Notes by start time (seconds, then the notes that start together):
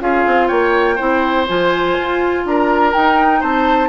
0.00 C#4 F4 G#4 F5
0.27 C4
0.48 A#3 C#5 G5
0.96 C4 E4 C5
1.48 F3 F4 G#5
1.99 F4
2.45 D4 A#4 A#5
2.93 D#4 G5
3.41 C4 C5 A5